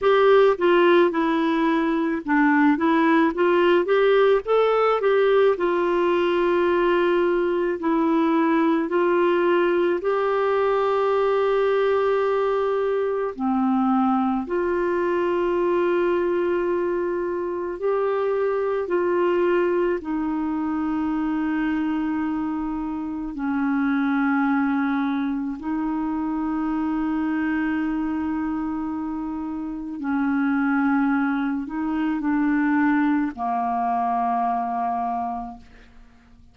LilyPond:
\new Staff \with { instrumentName = "clarinet" } { \time 4/4 \tempo 4 = 54 g'8 f'8 e'4 d'8 e'8 f'8 g'8 | a'8 g'8 f'2 e'4 | f'4 g'2. | c'4 f'2. |
g'4 f'4 dis'2~ | dis'4 cis'2 dis'4~ | dis'2. cis'4~ | cis'8 dis'8 d'4 ais2 | }